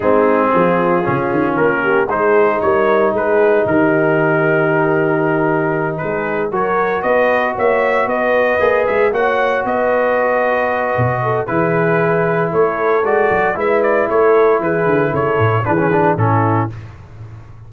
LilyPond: <<
  \new Staff \with { instrumentName = "trumpet" } { \time 4/4 \tempo 4 = 115 gis'2. ais'4 | c''4 cis''4 b'4 ais'4~ | ais'2.~ ais'8 b'8~ | b'8 cis''4 dis''4 e''4 dis''8~ |
dis''4 e''8 fis''4 dis''4.~ | dis''2 b'2 | cis''4 d''4 e''8 d''8 cis''4 | b'4 cis''4 b'4 a'4 | }
  \new Staff \with { instrumentName = "horn" } { \time 4/4 dis'4 f'2~ f'8 g'8 | gis'4 ais'4 gis'4 g'4~ | g'2.~ g'8 gis'8~ | gis'8 ais'4 b'4 cis''4 b'8~ |
b'4. cis''4 b'4.~ | b'4. a'8 gis'2 | a'2 b'4 a'4 | gis'4 a'4 gis'4 e'4 | }
  \new Staff \with { instrumentName = "trombone" } { \time 4/4 c'2 cis'2 | dis'1~ | dis'1~ | dis'8 fis'2.~ fis'8~ |
fis'8 gis'4 fis'2~ fis'8~ | fis'2 e'2~ | e'4 fis'4 e'2~ | e'2 d'16 cis'16 d'8 cis'4 | }
  \new Staff \with { instrumentName = "tuba" } { \time 4/4 gis4 f4 cis8 dis8 ais4 | gis4 g4 gis4 dis4~ | dis2.~ dis8 gis8~ | gis8 fis4 b4 ais4 b8~ |
b8 ais8 gis8 ais4 b4.~ | b4 b,4 e2 | a4 gis8 fis8 gis4 a4 | e8 d8 cis8 a,8 e4 a,4 | }
>>